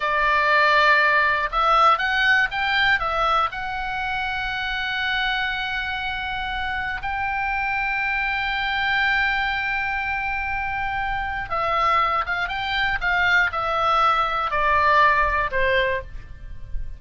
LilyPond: \new Staff \with { instrumentName = "oboe" } { \time 4/4 \tempo 4 = 120 d''2. e''4 | fis''4 g''4 e''4 fis''4~ | fis''1~ | fis''2 g''2~ |
g''1~ | g''2. e''4~ | e''8 f''8 g''4 f''4 e''4~ | e''4 d''2 c''4 | }